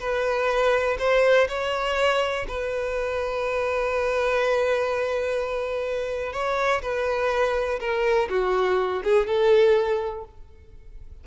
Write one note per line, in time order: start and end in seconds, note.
0.00 0.98 B4
0.99 1.48 C5
1.49 2.47 C#5
2.49 6.33 B4
6.33 6.82 C#5
6.82 7.80 B4
7.80 8.29 A#4
8.30 9.03 F#4
9.04 9.27 G#4
9.27 10.25 A4